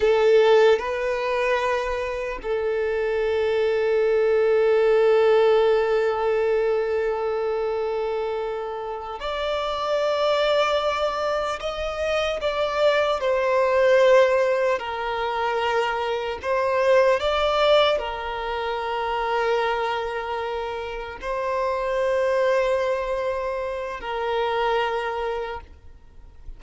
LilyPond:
\new Staff \with { instrumentName = "violin" } { \time 4/4 \tempo 4 = 75 a'4 b'2 a'4~ | a'1~ | a'2.~ a'8 d''8~ | d''2~ d''8 dis''4 d''8~ |
d''8 c''2 ais'4.~ | ais'8 c''4 d''4 ais'4.~ | ais'2~ ais'8 c''4.~ | c''2 ais'2 | }